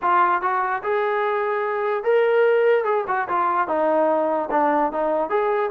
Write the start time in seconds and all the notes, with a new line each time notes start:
0.02 F4
0.41 F#4
0.83 G#4
2.03 A#4
2.84 G#4
3.07 F#4
3.28 F4
3.67 D#4
4.51 D4
4.91 D#4
5.29 G#4